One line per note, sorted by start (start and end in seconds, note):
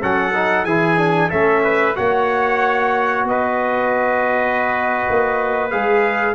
0.00 0.64 F#3
0.00 0.33 C#4
0.00 0.66 A4
0.00 0.65 F#5
0.34 0.66 D#4
0.64 1.29 E3
0.64 0.97 E4
0.64 1.28 G#4
0.64 1.30 G#5
0.97 1.30 D4
1.28 1.97 A3
1.28 1.95 C#4
1.28 1.61 A4
1.28 1.95 E5
1.63 1.96 B4
1.95 3.24 A#3
1.95 5.70 F#4
1.95 3.27 C#5
1.95 3.26 F#5
3.24 5.03 B3
3.24 6.35 B4
3.24 5.70 D#5
5.09 5.73 A#3
5.70 6.35 G#3
5.70 6.35 G#4
5.70 6.35 F5